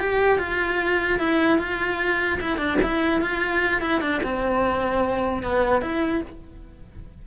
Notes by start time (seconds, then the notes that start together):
0.00 G4
0.39 F4
1.20 E4
1.59 F4
2.41 E4
2.58 D4
2.83 E4
3.21 F4
3.82 E4
4.01 D4
4.24 C4
5.43 B3
5.82 E4